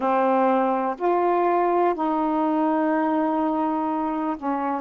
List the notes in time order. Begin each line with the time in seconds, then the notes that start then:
0.00 C4
0.98 F4
1.94 D#4
4.36 C#4